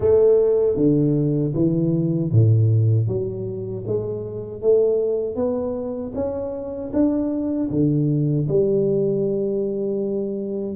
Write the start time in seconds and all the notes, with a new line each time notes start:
0.00 A3
0.76 D3
1.54 E3
2.31 A2
3.07 F#3
3.86 G#3
4.61 A3
5.35 B3
6.14 C#4
6.93 D4
7.70 D3
8.48 G3